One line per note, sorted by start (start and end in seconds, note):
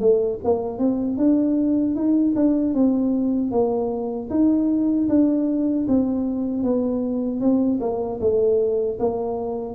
0.00 0.39 A3
0.44 0.78 A#3
0.78 1.17 C4
1.17 1.95 D4
1.95 2.34 D#4
2.36 2.74 D4
2.74 3.51 C4
3.51 4.29 A#3
4.30 5.08 D#4
5.09 5.87 D4
5.88 6.63 C4
6.63 7.40 B3
7.40 7.79 C4
7.81 8.20 A#3
8.20 8.98 A3
8.99 9.74 A#3